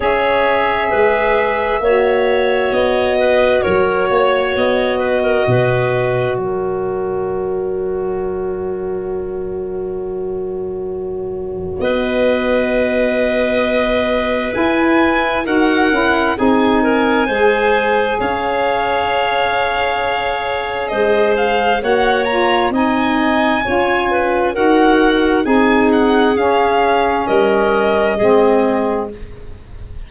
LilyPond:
<<
  \new Staff \with { instrumentName = "violin" } { \time 4/4 \tempo 4 = 66 e''2. dis''4 | cis''4 dis''2 cis''4~ | cis''1~ | cis''4 dis''2. |
gis''4 fis''4 gis''2 | f''2. dis''8 f''8 | fis''8 ais''8 gis''2 fis''4 | gis''8 fis''8 f''4 dis''2 | }
  \new Staff \with { instrumentName = "clarinet" } { \time 4/4 cis''4 b'4 cis''4. b'8 | ais'8 cis''4 b'16 ais'16 b'4 ais'4~ | ais'1~ | ais'4 b'2.~ |
b'4 ais'4 gis'8 ais'8 c''4 | cis''2. c''4 | cis''4 dis''4 cis''8 b'8 ais'4 | gis'2 ais'4 gis'4 | }
  \new Staff \with { instrumentName = "saxophone" } { \time 4/4 gis'2 fis'2~ | fis'1~ | fis'1~ | fis'1 |
e'4 fis'8 e'8 dis'4 gis'4~ | gis'1 | fis'8 f'8 dis'4 f'4 fis'4 | dis'4 cis'2 c'4 | }
  \new Staff \with { instrumentName = "tuba" } { \time 4/4 cis'4 gis4 ais4 b4 | fis8 ais8 b4 b,4 fis4~ | fis1~ | fis4 b2. |
e'4 dis'8 cis'8 c'4 gis4 | cis'2. gis4 | ais4 c'4 cis'4 dis'4 | c'4 cis'4 g4 gis4 | }
>>